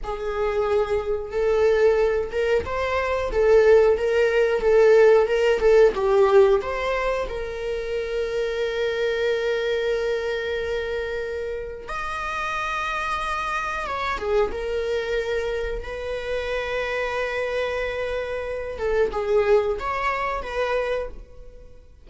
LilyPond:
\new Staff \with { instrumentName = "viola" } { \time 4/4 \tempo 4 = 91 gis'2 a'4. ais'8 | c''4 a'4 ais'4 a'4 | ais'8 a'8 g'4 c''4 ais'4~ | ais'1~ |
ais'2 dis''2~ | dis''4 cis''8 gis'8 ais'2 | b'1~ | b'8 a'8 gis'4 cis''4 b'4 | }